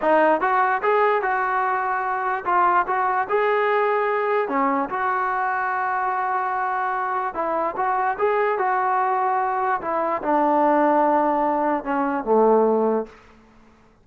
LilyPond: \new Staff \with { instrumentName = "trombone" } { \time 4/4 \tempo 4 = 147 dis'4 fis'4 gis'4 fis'4~ | fis'2 f'4 fis'4 | gis'2. cis'4 | fis'1~ |
fis'2 e'4 fis'4 | gis'4 fis'2. | e'4 d'2.~ | d'4 cis'4 a2 | }